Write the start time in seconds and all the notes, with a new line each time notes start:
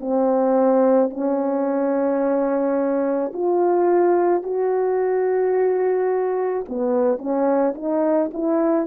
0.00 C4
1.10 C#4
3.33 F4
4.43 F#4
6.68 B3
7.18 C#4
7.75 D#4
8.33 E4